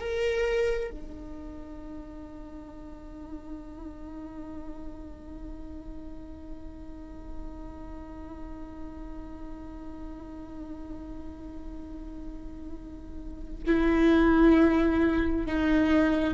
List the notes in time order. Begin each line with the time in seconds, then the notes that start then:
0.00 A#4
0.91 D#4
13.66 E4
15.46 D#4